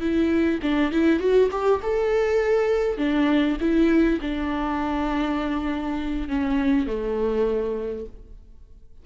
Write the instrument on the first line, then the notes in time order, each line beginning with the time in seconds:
viola
0.00 E4
0.62 D4
0.91 E4
1.19 F#4
1.51 G4
1.82 A4
2.97 D4
3.60 E4
4.21 D4
6.28 C#4
6.86 A3